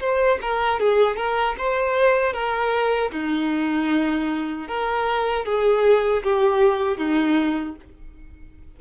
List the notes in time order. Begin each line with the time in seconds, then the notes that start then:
0.00 C5
0.41 A#4
0.79 G#4
1.17 A#4
1.58 C5
2.33 A#4
3.12 D#4
4.68 A#4
5.45 G#4
6.23 G4
6.98 D#4